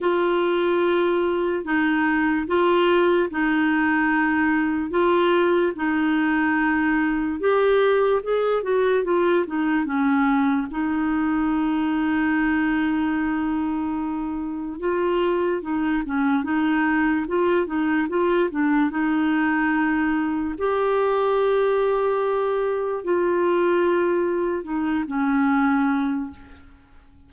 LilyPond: \new Staff \with { instrumentName = "clarinet" } { \time 4/4 \tempo 4 = 73 f'2 dis'4 f'4 | dis'2 f'4 dis'4~ | dis'4 g'4 gis'8 fis'8 f'8 dis'8 | cis'4 dis'2.~ |
dis'2 f'4 dis'8 cis'8 | dis'4 f'8 dis'8 f'8 d'8 dis'4~ | dis'4 g'2. | f'2 dis'8 cis'4. | }